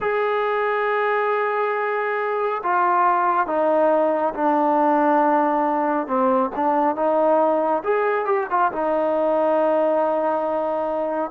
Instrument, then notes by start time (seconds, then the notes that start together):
trombone
0.00 G#4
2.63 F4
3.46 D#4
4.34 D4
6.07 C4
6.55 D4
6.95 D#4
7.83 G#4
8.25 G4
8.50 F4
8.72 D#4